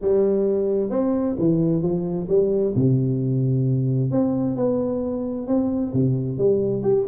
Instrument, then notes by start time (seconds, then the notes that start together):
tuba
0.01 G3
0.90 C4
1.39 E3
1.82 F3
2.28 G3
2.75 C3
4.11 C4
4.56 B3
5.47 C4
5.93 C3
6.38 G3
6.83 G4